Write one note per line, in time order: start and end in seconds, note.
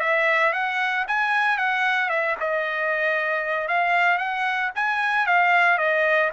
0.00 0.53 E5
0.53 1.06 F#5
1.08 1.58 G#5
1.58 2.09 F#5
2.09 2.36 E5
2.40 3.68 D#5
3.68 4.18 F5
4.18 4.70 F#5
4.75 5.26 G#5
5.26 5.78 F5
5.78 6.31 D#5